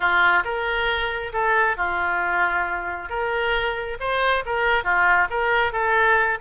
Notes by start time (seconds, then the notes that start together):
0.00 F4
0.44 A#4
1.32 A4
1.76 F4
3.09 A#4
4.00 C5
4.45 A#4
4.83 F4
5.30 A#4
5.72 A4